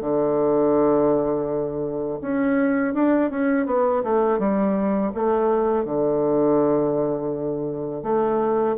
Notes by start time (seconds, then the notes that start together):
0.00 D3
2.21 C#4
2.94 D4
3.30 C#4
3.66 B3
4.03 A3
4.38 G3
5.14 A3
5.85 D3
8.03 A3